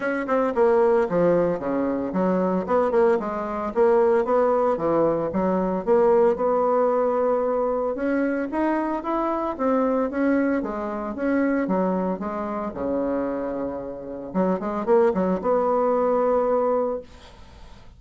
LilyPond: \new Staff \with { instrumentName = "bassoon" } { \time 4/4 \tempo 4 = 113 cis'8 c'8 ais4 f4 cis4 | fis4 b8 ais8 gis4 ais4 | b4 e4 fis4 ais4 | b2. cis'4 |
dis'4 e'4 c'4 cis'4 | gis4 cis'4 fis4 gis4 | cis2. fis8 gis8 | ais8 fis8 b2. | }